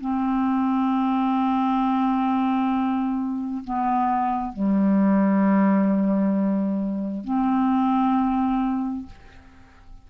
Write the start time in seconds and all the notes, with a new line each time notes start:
0.00 C4
3.64 B3
4.53 G3
7.24 C4